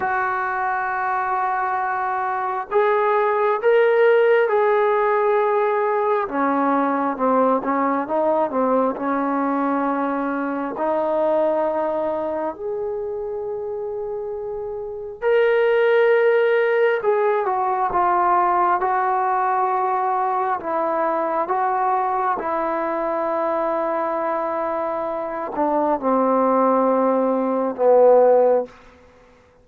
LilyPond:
\new Staff \with { instrumentName = "trombone" } { \time 4/4 \tempo 4 = 67 fis'2. gis'4 | ais'4 gis'2 cis'4 | c'8 cis'8 dis'8 c'8 cis'2 | dis'2 gis'2~ |
gis'4 ais'2 gis'8 fis'8 | f'4 fis'2 e'4 | fis'4 e'2.~ | e'8 d'8 c'2 b4 | }